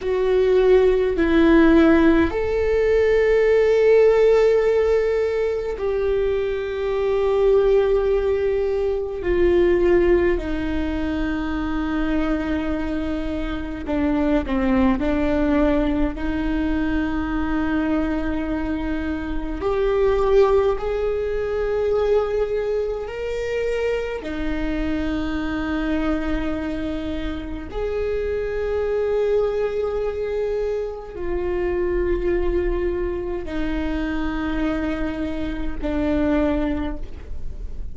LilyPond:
\new Staff \with { instrumentName = "viola" } { \time 4/4 \tempo 4 = 52 fis'4 e'4 a'2~ | a'4 g'2. | f'4 dis'2. | d'8 c'8 d'4 dis'2~ |
dis'4 g'4 gis'2 | ais'4 dis'2. | gis'2. f'4~ | f'4 dis'2 d'4 | }